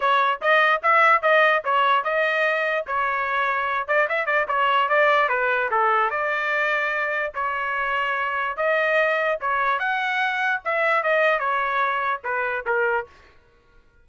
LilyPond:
\new Staff \with { instrumentName = "trumpet" } { \time 4/4 \tempo 4 = 147 cis''4 dis''4 e''4 dis''4 | cis''4 dis''2 cis''4~ | cis''4. d''8 e''8 d''8 cis''4 | d''4 b'4 a'4 d''4~ |
d''2 cis''2~ | cis''4 dis''2 cis''4 | fis''2 e''4 dis''4 | cis''2 b'4 ais'4 | }